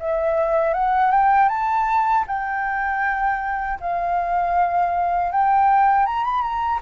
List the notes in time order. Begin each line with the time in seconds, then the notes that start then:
0.00 E5
0.74 F#5
1.12 G5
1.49 A5
2.28 G5
3.80 F5
5.32 G5
6.06 A#5
6.24 B5
6.42 A#5